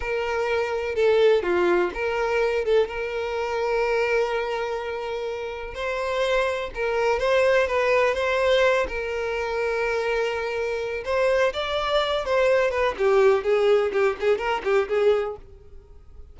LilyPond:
\new Staff \with { instrumentName = "violin" } { \time 4/4 \tempo 4 = 125 ais'2 a'4 f'4 | ais'4. a'8 ais'2~ | ais'1 | c''2 ais'4 c''4 |
b'4 c''4. ais'4.~ | ais'2. c''4 | d''4. c''4 b'8 g'4 | gis'4 g'8 gis'8 ais'8 g'8 gis'4 | }